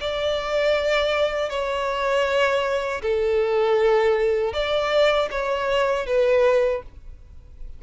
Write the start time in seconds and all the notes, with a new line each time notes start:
0.00 D5
1.49 C#5
3.02 A4
4.53 D5
5.31 C#5
6.06 B4